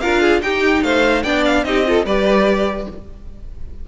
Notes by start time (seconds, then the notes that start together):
0.00 D4 F4 A#4 F5
0.21 G#4
0.42 D#4 G4 G5
0.82 A3 C5 F5
1.23 B3 D4 D5 G5
1.45 F5
1.64 C4 D#4 G4 D#5
1.85 F4 A4
2.05 G3 G4 B4 D5